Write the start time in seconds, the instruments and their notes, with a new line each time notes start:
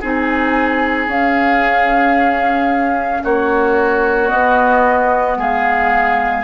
0.00 bassoon C4, clarinet D#4, oboe G#4
0.07 flute G#5
1.07 bassoon C#4, clarinet C#4, flute F5
3.24 bassoon A#3, oboe F#4, flute C#5
4.29 clarinet B3, bassoon B3, flute D#5
5.36 bassoon G#3, oboe G#4, flute F5